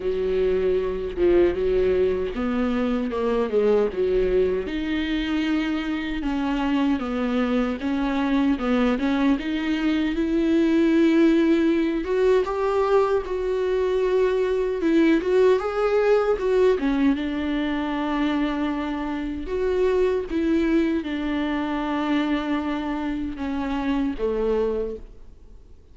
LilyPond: \new Staff \with { instrumentName = "viola" } { \time 4/4 \tempo 4 = 77 fis4. f8 fis4 b4 | ais8 gis8 fis4 dis'2 | cis'4 b4 cis'4 b8 cis'8 | dis'4 e'2~ e'8 fis'8 |
g'4 fis'2 e'8 fis'8 | gis'4 fis'8 cis'8 d'2~ | d'4 fis'4 e'4 d'4~ | d'2 cis'4 a4 | }